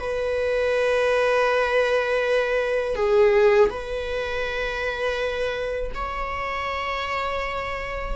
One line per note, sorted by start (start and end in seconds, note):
0.00 2.96 B4
2.96 3.70 G#4
3.70 5.92 B4
5.95 8.16 C#5